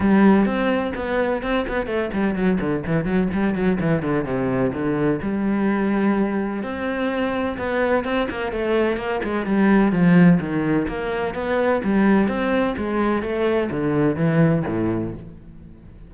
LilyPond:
\new Staff \with { instrumentName = "cello" } { \time 4/4 \tempo 4 = 127 g4 c'4 b4 c'8 b8 | a8 g8 fis8 d8 e8 fis8 g8 fis8 | e8 d8 c4 d4 g4~ | g2 c'2 |
b4 c'8 ais8 a4 ais8 gis8 | g4 f4 dis4 ais4 | b4 g4 c'4 gis4 | a4 d4 e4 a,4 | }